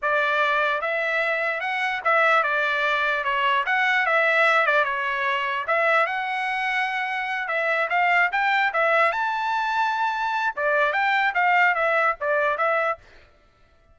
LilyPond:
\new Staff \with { instrumentName = "trumpet" } { \time 4/4 \tempo 4 = 148 d''2 e''2 | fis''4 e''4 d''2 | cis''4 fis''4 e''4. d''8 | cis''2 e''4 fis''4~ |
fis''2~ fis''8 e''4 f''8~ | f''8 g''4 e''4 a''4.~ | a''2 d''4 g''4 | f''4 e''4 d''4 e''4 | }